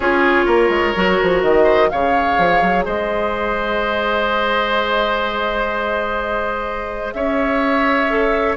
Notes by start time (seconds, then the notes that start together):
0.00 C#4 F4 G#4 C#5
0.45 A#3 A#4
0.69 G#3
0.96 F#3 F#4
1.22 F3
1.42 D#3 D#5
1.63 C5
1.89 C#3 G#4 C#5 F5
2.37 F3
2.61 F#3
2.85 G#3 C5 D#5
7.12 C#4 C#5 E5
8.10 A4